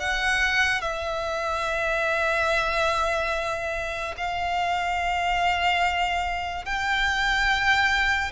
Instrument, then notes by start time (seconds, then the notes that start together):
violin
0.00 F#5
0.81 E5
4.17 F5
6.65 G5